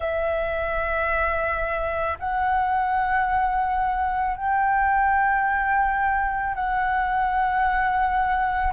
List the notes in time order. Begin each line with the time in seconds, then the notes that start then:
0.00 E5
2.19 F#5
4.36 G5
6.55 F#5